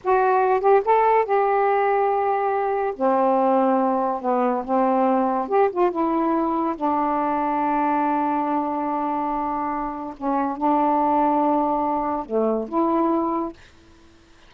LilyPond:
\new Staff \with { instrumentName = "saxophone" } { \time 4/4 \tempo 4 = 142 fis'4. g'8 a'4 g'4~ | g'2. c'4~ | c'2 b4 c'4~ | c'4 g'8 f'8 e'2 |
d'1~ | d'1 | cis'4 d'2.~ | d'4 a4 e'2 | }